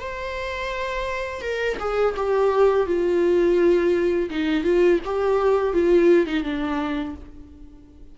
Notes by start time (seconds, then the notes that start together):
0.00 C5
1.42 A#4
1.80 G#4
2.17 G4
2.87 F4
4.30 D#4
4.64 F4
5.05 G4
5.74 F4
6.27 D#4
6.44 D4